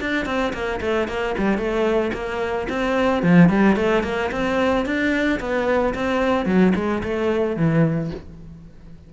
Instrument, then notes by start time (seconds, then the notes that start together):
cello
0.00 D4
0.26 C4
0.53 A#3
0.81 A3
1.08 A#3
1.38 G3
1.57 A3
2.13 A#3
2.69 C4
3.23 F3
3.49 G3
3.76 A3
4.03 A#3
4.31 C4
4.85 D4
5.40 B3
5.94 C4
6.45 F#3
6.75 G#3
7.03 A3
7.56 E3